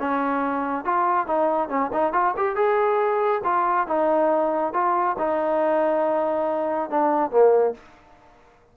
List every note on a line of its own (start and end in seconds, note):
0.00 0.85 C#4
0.85 1.27 F4
1.27 1.69 D#4
1.69 1.91 C#4
1.93 2.13 D#4
2.13 2.35 F4
2.37 2.56 G4
2.56 3.42 G#4
3.44 3.88 F4
3.88 4.73 D#4
4.73 5.17 F4
5.19 6.90 D#4
6.90 7.31 D4
7.31 7.74 A#3